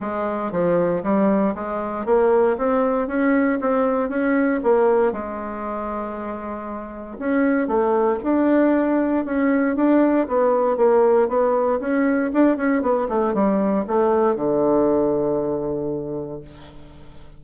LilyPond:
\new Staff \with { instrumentName = "bassoon" } { \time 4/4 \tempo 4 = 117 gis4 f4 g4 gis4 | ais4 c'4 cis'4 c'4 | cis'4 ais4 gis2~ | gis2 cis'4 a4 |
d'2 cis'4 d'4 | b4 ais4 b4 cis'4 | d'8 cis'8 b8 a8 g4 a4 | d1 | }